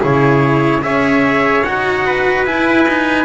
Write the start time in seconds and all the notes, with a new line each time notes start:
0.00 C#3 E4 G#4 C#5
0.82 C#4 G#4 C#5 E5
1.64 D#4 F#4 F#5
2.06 B4
2.46 E4 G#5
2.88 D#4